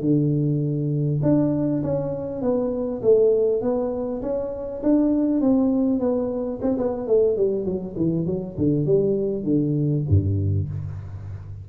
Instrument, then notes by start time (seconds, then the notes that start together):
tuba
0.00 D3
1.22 D4
1.83 C#4
2.41 B3
3.02 A3
3.61 B3
4.22 C#4
4.82 D4
5.41 C4
5.99 B3
6.62 C4
6.77 B3
7.07 A3
7.36 G3
7.65 F#3
7.96 E3
8.26 F#3
8.57 D3
8.85 G3
9.43 D3
10.09 G2